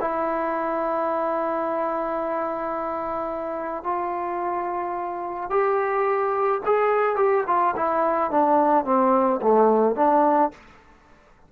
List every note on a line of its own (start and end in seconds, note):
0.00 3.83 E4
3.83 5.50 F4
5.50 6.61 G4
6.65 7.16 G#4
7.16 7.44 G4
7.47 7.74 F4
7.76 8.31 E4
8.31 8.85 D4
8.85 9.40 C4
9.42 9.95 A3
9.95 10.51 D4